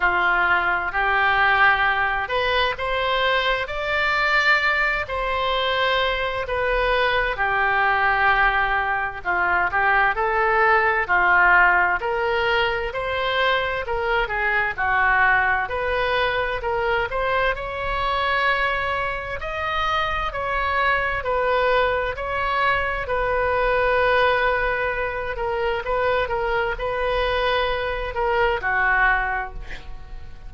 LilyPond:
\new Staff \with { instrumentName = "oboe" } { \time 4/4 \tempo 4 = 65 f'4 g'4. b'8 c''4 | d''4. c''4. b'4 | g'2 f'8 g'8 a'4 | f'4 ais'4 c''4 ais'8 gis'8 |
fis'4 b'4 ais'8 c''8 cis''4~ | cis''4 dis''4 cis''4 b'4 | cis''4 b'2~ b'8 ais'8 | b'8 ais'8 b'4. ais'8 fis'4 | }